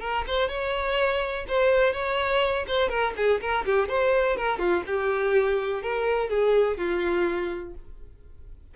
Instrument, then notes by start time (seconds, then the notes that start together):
violin
0.00 A#4
0.27 C5
0.48 C#5
1.48 C5
1.92 C#5
2.67 C5
2.89 A#4
3.16 G#4
3.40 A#4
3.65 G4
3.88 C5
4.37 A#4
4.58 F4
4.86 G4
5.82 A#4
6.29 G#4
6.77 F4